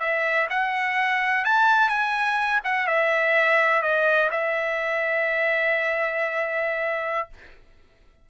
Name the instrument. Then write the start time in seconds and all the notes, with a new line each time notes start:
trumpet
0.00 E5
0.50 F#5
1.45 A5
1.89 G#5
2.64 F#5
2.87 E5
3.82 D#5
4.31 E5